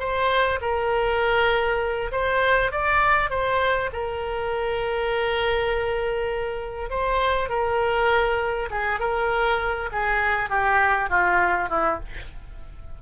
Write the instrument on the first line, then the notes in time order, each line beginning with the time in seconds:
oboe
0.00 C5
0.61 A#4
2.12 C5
2.72 D5
3.30 C5
3.93 A#4
6.90 C5
7.49 A#4
8.71 G#4
9.00 A#4
9.92 G#4
10.50 G4
11.10 F4
11.69 E4